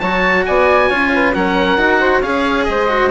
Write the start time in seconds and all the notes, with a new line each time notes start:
0.00 F#3 F#4 C#5 A5
0.46 B3 D5 G#5
0.90 C#4 F4 C#5
1.14 B4
1.35 F#3 C#4 A#4 F#5
1.77 D#4 F#4
2.00 C5
2.22 C#4 G#4 C#5 F5
2.65 G#3 D#5
2.71 C5
2.89 F#4